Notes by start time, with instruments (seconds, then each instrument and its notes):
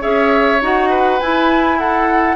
0.00 bassoon C#4, clarinet G#4, oboe C#5, flute E5
0.61 bassoon D#4, clarinet F#4, flute F#5
0.89 oboe B4
1.19 clarinet E4, bassoon E4, flute G#5
1.78 oboe A4, flute F#5